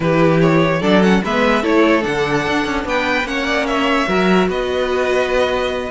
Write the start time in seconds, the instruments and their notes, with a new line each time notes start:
0.00 cello E3, viola E4, violin G4 B4
0.41 violin C#5
0.80 cello F#3, viola D4, violin A4 D5
1.02 viola C#4, violin F#5
1.24 cello G#3, viola B3, violin B4 E5
1.62 cello A3, viola E4, violin A4 C#5
2.01 cello D3, viola D4, violin F#5
2.47 cello D4
2.65 cello C#4
2.84 cello B3, violin B4 G5
3.23 cello A#3, viola C#4, violin C#5 F#5
3.46 violin D5
3.66 violin C#5 E5
4.06 cello F#3, viola F#4, violin A#4
4.48 cello B3, violin B4 D#5